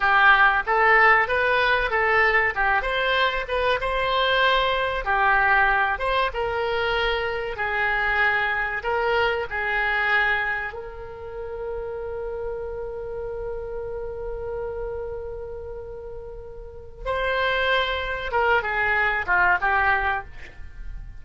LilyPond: \new Staff \with { instrumentName = "oboe" } { \time 4/4 \tempo 4 = 95 g'4 a'4 b'4 a'4 | g'8 c''4 b'8 c''2 | g'4. c''8 ais'2 | gis'2 ais'4 gis'4~ |
gis'4 ais'2.~ | ais'1~ | ais'2. c''4~ | c''4 ais'8 gis'4 f'8 g'4 | }